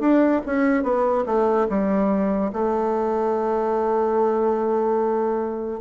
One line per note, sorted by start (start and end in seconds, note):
0.00 0.41 D4
0.46 0.83 C#4
0.83 1.24 B3
1.26 1.67 A3
1.69 2.51 G3
2.53 5.81 A3